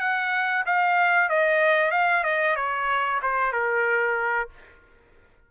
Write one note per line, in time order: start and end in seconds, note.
0.00 0.65 F#5
0.66 1.30 F5
1.30 1.92 D#5
1.92 2.24 F5
2.24 2.56 D#5
2.56 3.21 C#5
3.23 3.53 C5
3.53 4.50 A#4